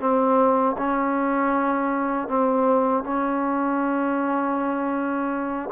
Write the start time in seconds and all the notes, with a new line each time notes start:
0.00 C4
0.77 C#4
2.28 C4
3.03 C#4